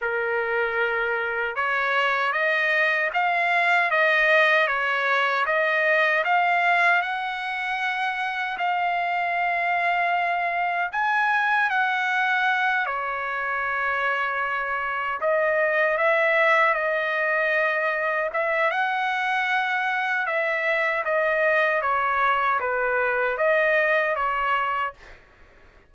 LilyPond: \new Staff \with { instrumentName = "trumpet" } { \time 4/4 \tempo 4 = 77 ais'2 cis''4 dis''4 | f''4 dis''4 cis''4 dis''4 | f''4 fis''2 f''4~ | f''2 gis''4 fis''4~ |
fis''8 cis''2. dis''8~ | dis''8 e''4 dis''2 e''8 | fis''2 e''4 dis''4 | cis''4 b'4 dis''4 cis''4 | }